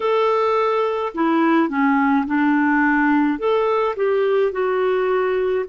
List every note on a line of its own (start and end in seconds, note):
0.00 1.13 A4
1.14 1.68 E4
1.68 2.25 C#4
2.26 3.38 D4
3.38 3.95 A4
3.96 4.52 G4
4.52 5.65 F#4